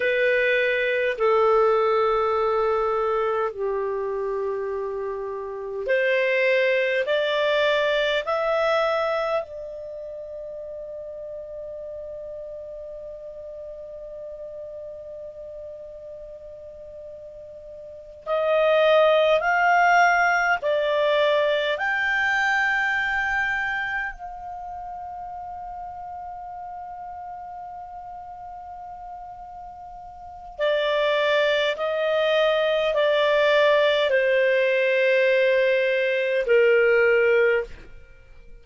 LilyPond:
\new Staff \with { instrumentName = "clarinet" } { \time 4/4 \tempo 4 = 51 b'4 a'2 g'4~ | g'4 c''4 d''4 e''4 | d''1~ | d''2.~ d''8 dis''8~ |
dis''8 f''4 d''4 g''4.~ | g''8 f''2.~ f''8~ | f''2 d''4 dis''4 | d''4 c''2 ais'4 | }